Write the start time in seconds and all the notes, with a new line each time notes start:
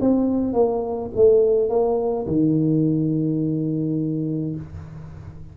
0.00 C4
0.53 A#3
1.15 A3
1.69 A#3
2.26 D#3